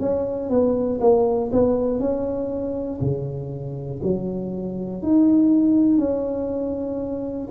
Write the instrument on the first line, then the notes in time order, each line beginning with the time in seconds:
tuba
0.00 C#4
0.50 B3
1.01 A#3
1.53 B3
2.00 C#4
3.01 C#3
4.03 F#3
5.03 D#4
5.99 C#4